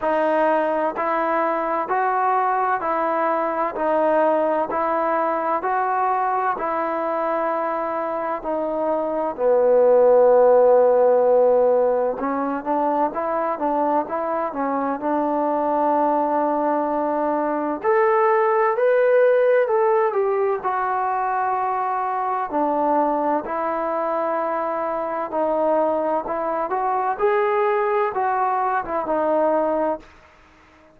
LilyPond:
\new Staff \with { instrumentName = "trombone" } { \time 4/4 \tempo 4 = 64 dis'4 e'4 fis'4 e'4 | dis'4 e'4 fis'4 e'4~ | e'4 dis'4 b2~ | b4 cis'8 d'8 e'8 d'8 e'8 cis'8 |
d'2. a'4 | b'4 a'8 g'8 fis'2 | d'4 e'2 dis'4 | e'8 fis'8 gis'4 fis'8. e'16 dis'4 | }